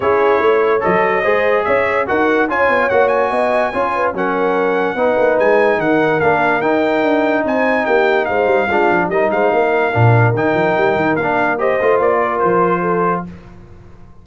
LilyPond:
<<
  \new Staff \with { instrumentName = "trumpet" } { \time 4/4 \tempo 4 = 145 cis''2 dis''2 | e''4 fis''4 gis''4 fis''8 gis''8~ | gis''2 fis''2~ | fis''4 gis''4 fis''4 f''4 |
g''2 gis''4 g''4 | f''2 dis''8 f''4.~ | f''4 g''2 f''4 | dis''4 d''4 c''2 | }
  \new Staff \with { instrumentName = "horn" } { \time 4/4 gis'4 cis''2 c''4 | cis''4 ais'4 cis''2 | dis''4 cis''8 b'8 ais'2 | b'2 ais'2~ |
ais'2 c''4 g'4 | c''4 f'4 ais'8 c''8 ais'4~ | ais'1 | c''4. ais'4. a'4 | }
  \new Staff \with { instrumentName = "trombone" } { \time 4/4 e'2 a'4 gis'4~ | gis'4 fis'4 f'4 fis'4~ | fis'4 f'4 cis'2 | dis'2. d'4 |
dis'1~ | dis'4 d'4 dis'2 | d'4 dis'2 d'4 | g'8 f'2.~ f'8 | }
  \new Staff \with { instrumentName = "tuba" } { \time 4/4 cis'4 a4 fis4 gis4 | cis'4 dis'4 cis'8 b8 ais4 | b4 cis'4 fis2 | b8 ais8 gis4 dis4 ais4 |
dis'4 d'4 c'4 ais4 | gis8 g8 gis8 f8 g8 gis8 ais4 | ais,4 dis8 f8 g8 dis8 ais4~ | ais8 a8 ais4 f2 | }
>>